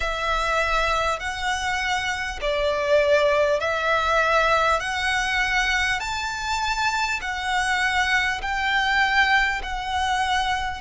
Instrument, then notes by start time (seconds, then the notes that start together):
violin
0.00 E5
1.19 F#5
2.41 D5
3.60 E5
4.79 F#5
6.00 A5
7.21 F#5
8.41 G5
9.62 F#5